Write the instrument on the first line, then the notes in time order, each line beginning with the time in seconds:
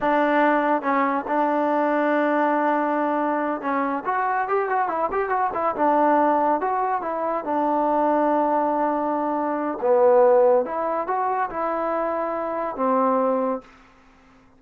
trombone
0.00 D4
0.82 C#4
1.27 D4
3.61 C#4
4.05 F#4
4.48 G4
4.69 F#4
4.88 E4
5.11 G4
5.29 F#4
5.54 E4
5.75 D4
6.61 F#4
7.01 E4
7.44 D4
9.81 B3
10.65 E4
11.07 F#4
11.50 E4
12.75 C4